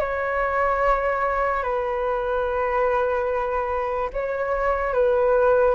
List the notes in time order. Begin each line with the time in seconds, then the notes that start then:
0.00 C#5
1.63 B4
4.13 C#5
4.94 B4